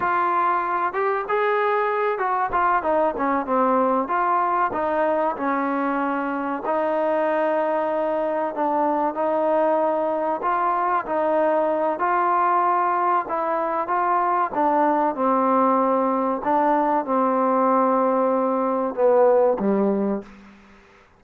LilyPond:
\new Staff \with { instrumentName = "trombone" } { \time 4/4 \tempo 4 = 95 f'4. g'8 gis'4. fis'8 | f'8 dis'8 cis'8 c'4 f'4 dis'8~ | dis'8 cis'2 dis'4.~ | dis'4. d'4 dis'4.~ |
dis'8 f'4 dis'4. f'4~ | f'4 e'4 f'4 d'4 | c'2 d'4 c'4~ | c'2 b4 g4 | }